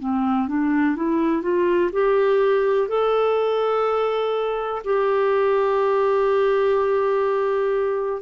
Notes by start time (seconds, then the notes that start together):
0.00 C4
0.48 D4
0.96 E4
1.43 F4
1.93 G4
2.89 A4
4.85 G4